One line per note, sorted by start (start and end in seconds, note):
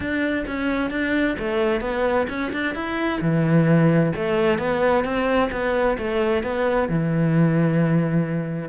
0.00 0.45 D4
0.46 0.90 C#4
0.90 1.36 D4
1.39 1.80 A3
1.80 2.26 B3
2.29 2.52 C#4
2.53 2.74 D4
2.74 3.20 E4
3.21 4.12 E3
4.15 4.58 A3
4.58 5.04 B3
5.04 5.50 C4
5.51 5.97 B3
5.98 6.43 A3
6.43 6.88 B3
6.88 8.69 E3